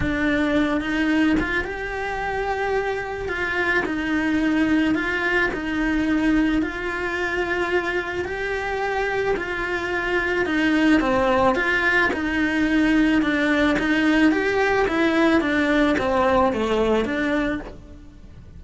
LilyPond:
\new Staff \with { instrumentName = "cello" } { \time 4/4 \tempo 4 = 109 d'4. dis'4 f'8 g'4~ | g'2 f'4 dis'4~ | dis'4 f'4 dis'2 | f'2. g'4~ |
g'4 f'2 dis'4 | c'4 f'4 dis'2 | d'4 dis'4 g'4 e'4 | d'4 c'4 a4 d'4 | }